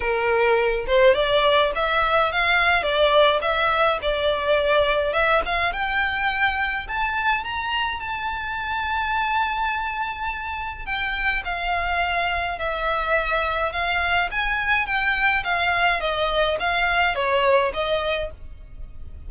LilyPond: \new Staff \with { instrumentName = "violin" } { \time 4/4 \tempo 4 = 105 ais'4. c''8 d''4 e''4 | f''4 d''4 e''4 d''4~ | d''4 e''8 f''8 g''2 | a''4 ais''4 a''2~ |
a''2. g''4 | f''2 e''2 | f''4 gis''4 g''4 f''4 | dis''4 f''4 cis''4 dis''4 | }